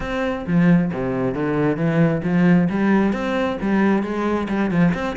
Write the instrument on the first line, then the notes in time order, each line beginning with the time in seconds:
cello
0.00 C4
0.46 F3
0.92 C3
1.34 D3
1.76 E3
2.23 F3
2.69 G3
3.12 C4
3.61 G3
4.02 G#3
4.48 G3
4.71 F3
4.94 C4